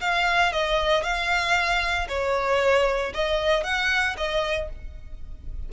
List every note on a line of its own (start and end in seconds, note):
0.00 0.52 F5
0.52 1.03 D#5
1.03 2.07 F5
2.08 3.12 C#5
3.14 3.63 D#5
3.63 4.15 F#5
4.17 4.69 D#5